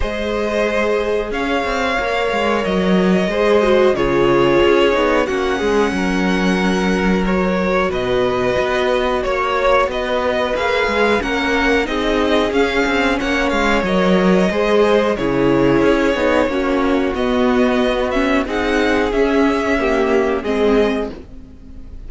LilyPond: <<
  \new Staff \with { instrumentName = "violin" } { \time 4/4 \tempo 4 = 91 dis''2 f''2 | dis''2 cis''2 | fis''2. cis''4 | dis''2 cis''4 dis''4 |
f''4 fis''4 dis''4 f''4 | fis''8 f''8 dis''2 cis''4~ | cis''2 dis''4. e''8 | fis''4 e''2 dis''4 | }
  \new Staff \with { instrumentName = "violin" } { \time 4/4 c''2 cis''2~ | cis''4 c''4 gis'2 | fis'8 gis'8 ais'2. | b'2 cis''4 b'4~ |
b'4 ais'4 gis'2 | cis''2 c''4 gis'4~ | gis'4 fis'2. | gis'2 g'4 gis'4 | }
  \new Staff \with { instrumentName = "viola" } { \time 4/4 gis'2. ais'4~ | ais'4 gis'8 fis'8 f'4. dis'8 | cis'2. fis'4~ | fis'1 |
gis'4 cis'4 dis'4 cis'4~ | cis'4 ais'4 gis'4 e'4~ | e'8 dis'8 cis'4 b4. cis'8 | dis'4 cis'4 ais4 c'4 | }
  \new Staff \with { instrumentName = "cello" } { \time 4/4 gis2 cis'8 c'8 ais8 gis8 | fis4 gis4 cis4 cis'8 b8 | ais8 gis8 fis2. | b,4 b4 ais4 b4 |
ais8 gis8 ais4 c'4 cis'8 c'8 | ais8 gis8 fis4 gis4 cis4 | cis'8 b8 ais4 b2 | c'4 cis'2 gis4 | }
>>